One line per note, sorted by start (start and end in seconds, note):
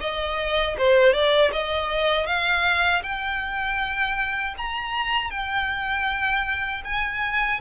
0.00 0.76 D#5
0.78 1.13 C5
1.13 1.51 D5
1.52 2.26 D#5
2.26 3.02 F5
3.02 4.54 G5
4.57 5.30 A#5
5.30 6.82 G5
6.84 7.60 G#5